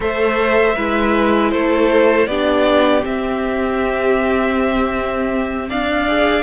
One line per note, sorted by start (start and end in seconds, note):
0.00 0.74 A3
0.00 0.75 A4
0.00 0.75 C5
0.00 1.50 E5
0.75 1.53 G#3
0.75 2.28 E4
0.75 1.51 B4
1.50 2.27 A3
1.50 2.28 A4
1.50 2.26 C5
2.26 3.03 B3
2.26 3.02 D4
2.26 5.69 G4
2.26 3.02 D5
3.02 6.06 C4
3.02 5.70 C4
3.02 5.69 E5
5.69 6.43 D4
5.69 6.43 D5
5.69 6.43 F5
6.08 6.43 G#4